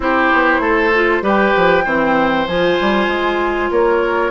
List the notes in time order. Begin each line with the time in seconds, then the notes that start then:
0.00 C4 E4 G4 C5
0.33 B3
0.59 A3 A4
0.94 F4
1.22 G3 G4 B4 G5
1.56 F3
1.84 E3 C4 C5
2.47 F3 F4 G#5
2.81 G3
3.07 G#3
3.70 A#3 A#4 C#5